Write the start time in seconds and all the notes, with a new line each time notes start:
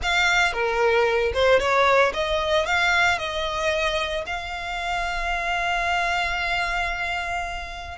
0.02 F5
0.52 A#4
1.33 C5
1.59 C#5
2.13 D#5
2.65 F5
3.18 D#5
4.26 F5